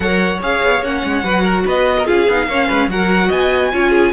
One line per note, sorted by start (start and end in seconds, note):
0.00 0.40 F#3
0.00 0.39 A#4
0.00 1.24 C#5
0.00 0.39 F#5
0.41 0.61 C#4
0.41 0.83 G#4
0.41 0.84 F5
0.63 0.81 B3
0.81 1.02 A#3
0.81 1.23 C#4
0.81 1.67 F#5
1.03 1.23 G#3
1.23 1.64 F#3
1.23 2.05 F#4
1.23 1.42 B4
1.42 1.63 A#4
1.65 2.07 B3
1.65 1.96 B4
1.65 2.06 D#5
1.98 2.06 A#4
2.05 2.27 C#4
2.05 2.26 F4
2.05 2.47 G#4
2.05 2.89 F5
2.27 2.46 B3
2.27 2.50 D#4
2.46 2.67 A#3
2.46 2.90 C#4
2.46 2.67 C#5
2.67 2.88 G#3
2.67 2.88 B4
2.88 3.29 F#3
2.88 3.72 F#4
2.88 3.28 A#4
2.88 3.31 F#5
3.28 3.72 B3
3.28 3.69 D#5
3.28 4.12 G#5
3.72 4.12 C#4
3.72 4.12 F4
3.72 3.90 C#5
3.90 4.10 G#4